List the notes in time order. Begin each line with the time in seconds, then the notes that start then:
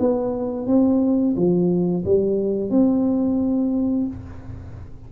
0.00 B3
0.67 C4
1.37 F3
2.05 G3
2.71 C4